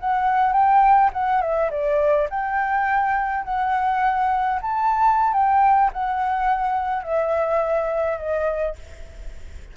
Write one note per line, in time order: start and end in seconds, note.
0.00 0.53 F#5
0.53 1.10 G5
1.13 1.42 F#5
1.42 1.70 E5
1.71 2.28 D5
2.30 3.44 G5
3.44 4.60 F#5
4.62 5.33 A5
5.33 5.91 G5
5.93 7.03 F#5
7.03 8.18 E5
8.18 8.76 D#5